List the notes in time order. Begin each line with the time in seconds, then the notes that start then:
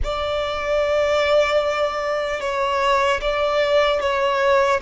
0.03 D5
2.40 C#5
3.21 D5
4.00 C#5